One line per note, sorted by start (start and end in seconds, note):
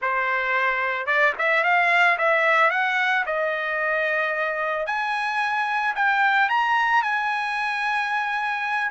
0.01 1.06 C5
1.06 1.33 D5
1.38 1.63 E5
1.63 2.17 F5
2.17 2.70 E5
2.70 3.24 F#5
3.26 4.86 D#5
4.86 5.94 G#5
5.95 6.49 G5
6.49 7.02 A#5
7.02 8.90 G#5